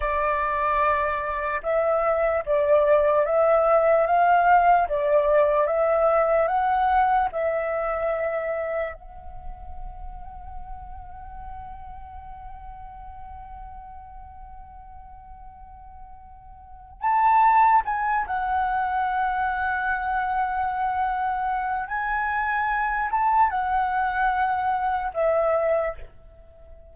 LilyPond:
\new Staff \with { instrumentName = "flute" } { \time 4/4 \tempo 4 = 74 d''2 e''4 d''4 | e''4 f''4 d''4 e''4 | fis''4 e''2 fis''4~ | fis''1~ |
fis''1~ | fis''4 a''4 gis''8 fis''4.~ | fis''2. gis''4~ | gis''8 a''8 fis''2 e''4 | }